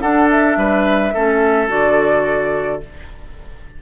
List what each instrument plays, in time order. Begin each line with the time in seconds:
0.00 clarinet D4, bassoon D4, oboe A4, flute F#5
0.30 flute E5
0.56 bassoon G3, oboe B4
1.13 bassoon A3, clarinet C#4, oboe A4
1.68 bassoon D3, clarinet F#4, flute D5